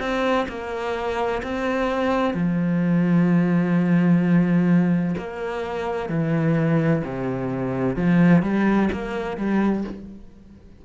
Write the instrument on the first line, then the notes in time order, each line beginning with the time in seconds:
cello
0.00 C4
0.49 A#3
1.44 C4
2.34 F3
5.18 A#3
6.10 E3
7.05 C3
7.96 F3
8.42 G3
8.93 A#3
9.37 G3